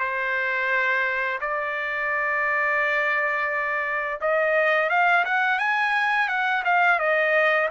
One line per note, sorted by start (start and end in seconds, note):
0.00 1.40 C5
1.41 4.20 D5
4.21 4.90 D#5
4.90 5.25 F5
5.25 5.59 F#5
5.59 6.29 G#5
6.29 6.64 F#5
6.65 7.00 F5
7.00 7.69 D#5